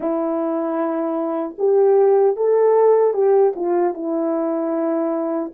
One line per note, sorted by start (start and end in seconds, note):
0.00 1.54 E4
1.58 2.36 G4
2.36 3.13 A4
3.13 3.53 G4
3.55 3.94 F4
3.94 5.52 E4